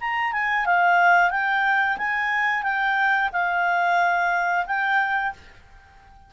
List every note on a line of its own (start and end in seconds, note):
0.00 0.32 A#5
0.32 0.65 G#5
0.65 1.30 F5
1.30 1.97 G5
1.98 2.63 G#5
2.63 3.29 G5
3.32 4.65 F5
4.66 5.33 G5